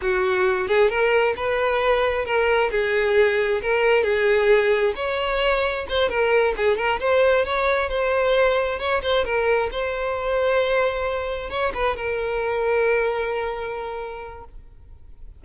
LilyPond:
\new Staff \with { instrumentName = "violin" } { \time 4/4 \tempo 4 = 133 fis'4. gis'8 ais'4 b'4~ | b'4 ais'4 gis'2 | ais'4 gis'2 cis''4~ | cis''4 c''8 ais'4 gis'8 ais'8 c''8~ |
c''8 cis''4 c''2 cis''8 | c''8 ais'4 c''2~ c''8~ | c''4. cis''8 b'8 ais'4.~ | ais'1 | }